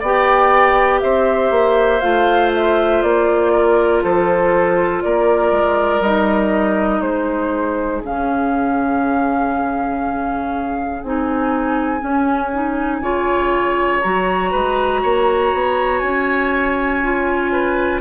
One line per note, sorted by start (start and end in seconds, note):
0.00 1.02 B3
0.00 2.02 G4
0.00 1.00 D5
0.00 1.01 G5
1.01 1.51 C4
1.01 3.53 C5
1.01 2.01 E5
1.51 2.01 A#3
2.01 3.03 A3
2.01 6.02 F4
2.01 2.51 F5
2.54 3.02 E5
3.02 4.03 A#3
3.02 4.03 D5
3.53 4.03 A#4
4.03 5.04 F3
4.03 5.03 A4
4.03 5.03 C5
5.03 5.52 A#3
5.03 7.02 A#4
5.03 6.02 D5
5.52 6.01 G#3
6.01 7.01 G3
6.01 8.04 D#4
6.01 7.02 D#5
7.02 8.02 G#3
7.02 13.02 G#4
7.02 8.02 C5
8.04 11.03 C#3
8.04 11.04 C#4
8.04 11.03 F5
11.03 12.03 C4
11.03 12.00 D#4
11.03 14.02 G#5
12.00 12.50 C#4
12.00 13.01 C#4
12.54 13.03 D#4
13.01 14.01 C#3
13.01 14.03 F4
13.01 14.51 C#5
14.02 14.54 F#3
14.02 17.03 F#4
14.02 15.99 A#5
14.51 15.04 G#3
14.51 15.01 B4
15.03 15.54 A#3
15.03 17.53 C#5
15.54 16.02 B3
15.99 18.02 C#4
15.99 17.99 G#5
17.03 18.02 F4
17.53 18.02 B4